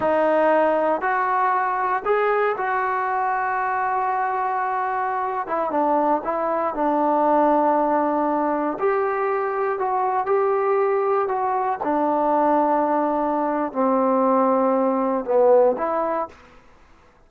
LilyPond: \new Staff \with { instrumentName = "trombone" } { \time 4/4 \tempo 4 = 118 dis'2 fis'2 | gis'4 fis'2.~ | fis'2~ fis'8. e'8 d'8.~ | d'16 e'4 d'2~ d'8.~ |
d'4~ d'16 g'2 fis'8.~ | fis'16 g'2 fis'4 d'8.~ | d'2. c'4~ | c'2 b4 e'4 | }